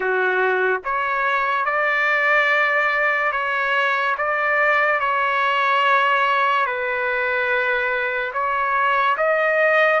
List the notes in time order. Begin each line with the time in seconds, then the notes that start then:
0.00 F#4
0.84 C#5
1.65 D5
3.32 C#5
4.17 D5
5.00 C#5
6.66 B4
8.33 C#5
9.17 D#5